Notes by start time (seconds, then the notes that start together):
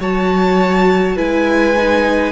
0.00 F#3 F#4 C#5 A5
1.16 G#3 E4 B4 G#5
1.77 D#4